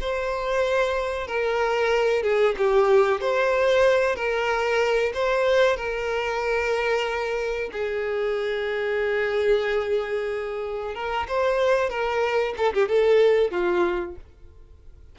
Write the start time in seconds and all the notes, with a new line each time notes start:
0.00 C5
1.27 A#4
2.23 G#4
2.57 G4
3.21 C5
4.16 A#4
5.13 C5
5.76 A#4
7.72 G#4
10.94 A#4
11.28 C5
11.89 A#4
12.57 A4
12.73 G4
12.88 A4
13.51 F4